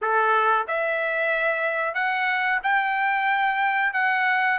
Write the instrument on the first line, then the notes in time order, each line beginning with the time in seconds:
trumpet
0.01 A4
0.67 E5
1.94 F#5
2.63 G5
3.93 F#5